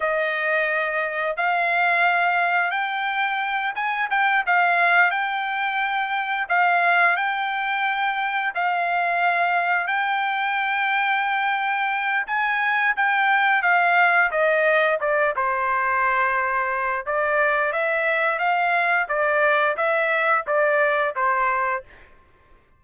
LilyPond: \new Staff \with { instrumentName = "trumpet" } { \time 4/4 \tempo 4 = 88 dis''2 f''2 | g''4. gis''8 g''8 f''4 g''8~ | g''4. f''4 g''4.~ | g''8 f''2 g''4.~ |
g''2 gis''4 g''4 | f''4 dis''4 d''8 c''4.~ | c''4 d''4 e''4 f''4 | d''4 e''4 d''4 c''4 | }